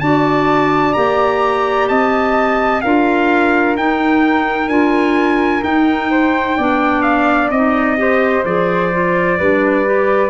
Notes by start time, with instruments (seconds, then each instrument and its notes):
0.00 tuba D4, clarinet F#4, flute D5, trumpet A5
0.94 tuba A#3, clarinet G4, trumpet A#5
1.88 tuba C4, flute D#5, trumpet A5
2.82 tuba D4, clarinet F4, flute A#4, trumpet F5
3.76 tuba D#4, clarinet D#4, trumpet G5
4.68 tuba D4, clarinet F4, trumpet G#5
5.62 clarinet D#4, tuba D#4, trumpet G5
6.11 flute C5
6.57 tuba B3, clarinet D4, flute D5
7.02 trumpet F5
7.50 tuba C4, clarinet D#4, trumpet D#5
7.97 clarinet G4, flute C5
8.45 tuba F3, clarinet G#4, trumpet D5
8.92 clarinet F4
9.38 tuba G3, clarinet D4, flute B4
9.86 clarinet G4